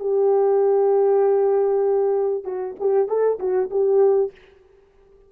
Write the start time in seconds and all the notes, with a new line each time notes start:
0.00 G4
2.45 F#4
2.80 G4
3.09 A4
3.40 F#4
3.71 G4